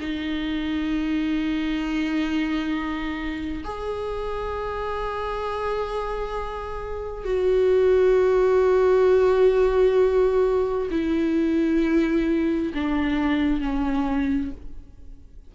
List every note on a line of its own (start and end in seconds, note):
0.00 3.64 D#4
3.64 7.24 G#4
7.24 10.88 F#4
10.90 12.72 E4
12.74 13.60 D4
13.60 14.51 C#4